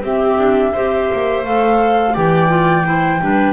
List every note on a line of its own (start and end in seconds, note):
0.00 0.35 C4
0.00 0.73 C4
0.00 0.72 G4
0.00 1.44 E5
0.38 0.73 D4
0.72 1.11 C4
0.72 1.44 G4
0.72 2.13 C5
1.12 1.44 A#3
1.44 2.15 A3
1.44 2.15 A4
1.44 2.14 F5
2.13 3.21 E3
2.13 2.47 G4
2.13 2.84 D5
2.13 3.52 G5
2.47 2.83 F4
2.84 3.20 E4
2.84 3.21 C5
3.20 3.52 G3
3.20 3.52 D4
3.20 3.52 B4